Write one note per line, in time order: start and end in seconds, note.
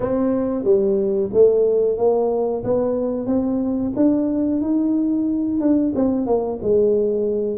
0.00 0.64 C4
0.64 1.29 G3
1.33 1.98 A3
1.98 2.63 A#3
2.63 3.26 B3
3.26 3.92 C4
3.96 4.61 D4
4.61 5.60 D#4
5.60 5.93 D4
5.95 6.26 C4
6.26 6.59 A#3
6.61 7.58 G#3